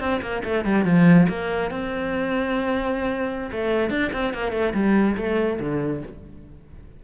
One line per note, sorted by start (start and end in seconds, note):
0.00 0.21 C4
0.22 0.43 A#3
0.44 0.65 A3
0.65 0.85 G3
0.85 1.27 F3
1.29 1.71 A#3
1.71 3.50 C4
3.52 3.90 A3
3.90 4.11 D4
4.13 4.34 C4
4.34 4.52 A#3
4.52 4.73 A3
4.74 5.17 G3
5.17 5.59 A3
5.60 6.02 D3